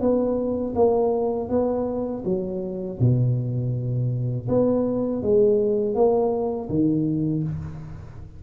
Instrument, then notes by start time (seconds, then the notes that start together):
tuba
0.00 B3
0.75 A#3
1.49 B3
2.24 F#3
3.00 B2
4.48 B3
5.22 G#3
5.94 A#3
6.69 D#3